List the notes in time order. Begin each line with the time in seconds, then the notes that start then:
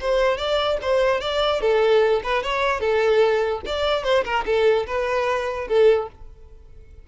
0.00 C5
0.37 D5
0.81 C5
1.20 D5
1.61 A4
2.23 B4
2.43 C#5
2.80 A4
3.66 D5
4.04 C5
4.24 A#4
4.45 A4
4.86 B4
5.68 A4